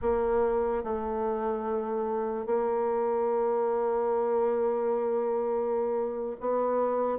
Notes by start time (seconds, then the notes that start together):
0.01 A#3
0.83 A3
2.45 A#3
6.40 B3